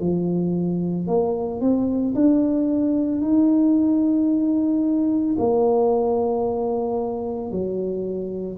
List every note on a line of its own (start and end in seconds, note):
0.00 1.07 F3
1.07 1.61 A#3
1.61 2.14 C4
2.14 3.21 D4
3.21 5.36 D#4
5.39 7.51 A#3
7.51 8.58 F#3